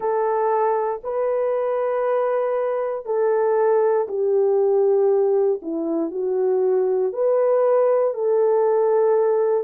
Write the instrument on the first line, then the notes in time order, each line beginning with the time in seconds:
horn
0.00 A4
1.04 B4
3.05 A4
4.08 G4
5.62 E4
6.11 F#4
7.12 B4
8.14 A4